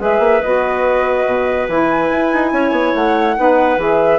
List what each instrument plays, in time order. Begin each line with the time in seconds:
0.00 bassoon G#3, saxophone G#4, clarinet B4, flute E5
0.19 bassoon A#3
0.42 bassoon B3, saxophone F#4, flute D#5
1.26 bassoon B2
1.68 bassoon E3, saxophone E4, flute G#5
2.12 bassoon E4
2.33 bassoon D#4
2.53 bassoon C#4, clarinet C#5
2.72 bassoon B3
2.95 bassoon A3, flute F#5
3.37 bassoon B3, saxophone D#4, clarinet B4
3.78 bassoon E3, saxophone G#4, flute E5